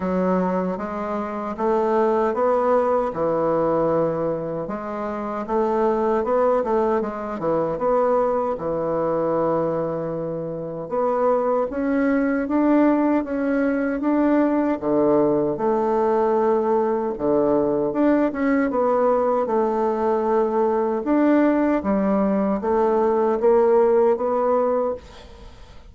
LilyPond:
\new Staff \with { instrumentName = "bassoon" } { \time 4/4 \tempo 4 = 77 fis4 gis4 a4 b4 | e2 gis4 a4 | b8 a8 gis8 e8 b4 e4~ | e2 b4 cis'4 |
d'4 cis'4 d'4 d4 | a2 d4 d'8 cis'8 | b4 a2 d'4 | g4 a4 ais4 b4 | }